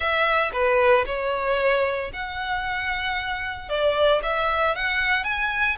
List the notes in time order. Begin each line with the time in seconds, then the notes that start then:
0.00 E5
0.52 B4
1.06 C#5
2.13 F#5
3.69 D5
4.22 E5
4.75 F#5
5.24 G#5